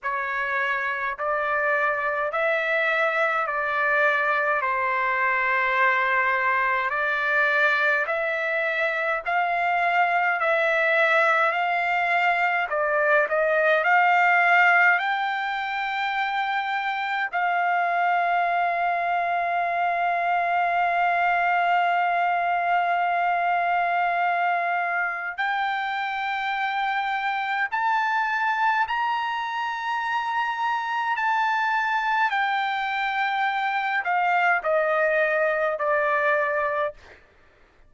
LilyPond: \new Staff \with { instrumentName = "trumpet" } { \time 4/4 \tempo 4 = 52 cis''4 d''4 e''4 d''4 | c''2 d''4 e''4 | f''4 e''4 f''4 d''8 dis''8 | f''4 g''2 f''4~ |
f''1~ | f''2 g''2 | a''4 ais''2 a''4 | g''4. f''8 dis''4 d''4 | }